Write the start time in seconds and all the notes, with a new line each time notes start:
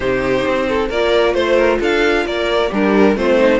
0.00 C3 D#4 G4 C5
0.47 C4
0.68 A4
0.89 A#3 F4 A#4 D5
1.33 A3 C5
1.56 A#4
1.79 D4 A4 F5
2.25 A#3 A#4 D5
2.68 G3 D4 G4 A#4
3.16 A3 C4 F4 C5
3.38 D#4